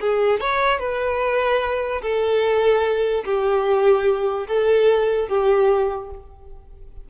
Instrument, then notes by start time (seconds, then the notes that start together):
violin
0.00 G#4
0.40 C#5
0.79 B4
2.02 A4
3.24 G4
4.47 A4
5.28 G4